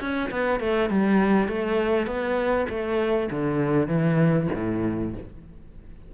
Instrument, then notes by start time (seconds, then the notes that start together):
cello
0.00 C#4
0.31 B3
0.60 A3
0.90 G3
1.48 A3
2.06 B3
2.69 A3
3.31 D3
3.88 E3
4.54 A2